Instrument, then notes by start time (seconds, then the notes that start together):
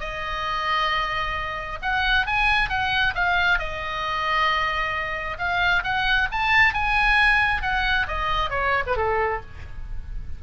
oboe
0.00 D#5
1.82 F#5
2.27 G#5
2.70 F#5
3.15 F5
3.59 D#5
5.39 F5
5.84 F#5
6.32 A5
6.74 G#5
7.62 F#5
8.08 D#5
8.51 C#5
8.87 B4
8.97 A4